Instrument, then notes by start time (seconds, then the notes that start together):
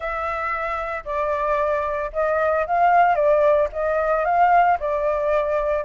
flute
0.00 E5
1.04 D5
2.12 D#5
2.66 F5
3.14 D5
3.72 D#5
4.25 F5
4.79 D5